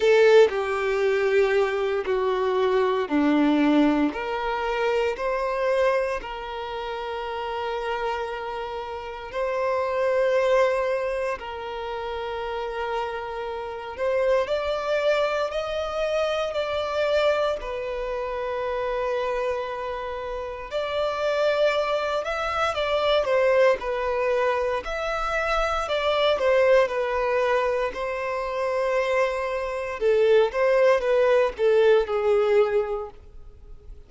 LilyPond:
\new Staff \with { instrumentName = "violin" } { \time 4/4 \tempo 4 = 58 a'8 g'4. fis'4 d'4 | ais'4 c''4 ais'2~ | ais'4 c''2 ais'4~ | ais'4. c''8 d''4 dis''4 |
d''4 b'2. | d''4. e''8 d''8 c''8 b'4 | e''4 d''8 c''8 b'4 c''4~ | c''4 a'8 c''8 b'8 a'8 gis'4 | }